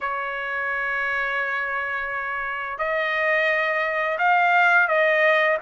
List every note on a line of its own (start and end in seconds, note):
0.01 2.78 C#5
2.78 4.18 D#5
4.18 4.87 F5
4.87 5.57 D#5